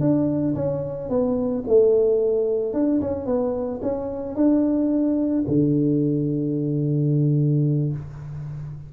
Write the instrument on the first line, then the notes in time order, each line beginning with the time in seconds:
tuba
0.00 D4
0.55 C#4
1.09 B3
1.67 A3
2.73 D4
3.01 C#4
3.26 B3
3.82 C#4
4.35 D4
5.47 D3